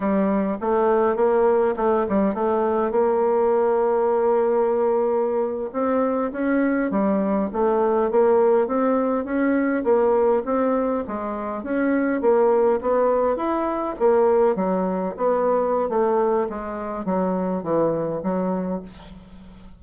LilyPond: \new Staff \with { instrumentName = "bassoon" } { \time 4/4 \tempo 4 = 102 g4 a4 ais4 a8 g8 | a4 ais2.~ | ais4.~ ais16 c'4 cis'4 g16~ | g8. a4 ais4 c'4 cis'16~ |
cis'8. ais4 c'4 gis4 cis'16~ | cis'8. ais4 b4 e'4 ais16~ | ais8. fis4 b4~ b16 a4 | gis4 fis4 e4 fis4 | }